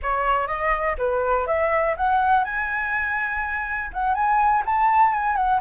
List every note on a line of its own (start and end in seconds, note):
0.02 0.47 C#5
0.47 0.96 D#5
0.98 1.46 B4
1.46 1.95 E5
1.96 2.44 F#5
2.44 3.90 G#5
3.93 4.14 F#5
4.14 4.63 G#5
4.65 5.13 A5
5.13 5.36 G#5
5.36 5.60 F#5